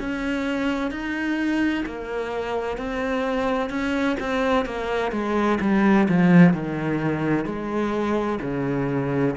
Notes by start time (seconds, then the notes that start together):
0.00 C#4
0.91 D#4
1.86 A#3
2.78 C4
3.70 C#4
4.20 C4
4.65 A#3
5.12 G#3
5.61 G3
6.09 F3
6.54 D#3
7.45 G#3
8.42 C#3